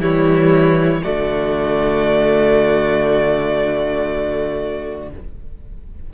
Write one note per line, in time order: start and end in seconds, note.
0.00 1.03 E3
0.00 1.03 G3
0.00 1.02 E4
0.00 1.03 C#5
1.03 5.14 D3
1.03 5.10 A3
1.03 5.10 F#4
1.03 5.10 D5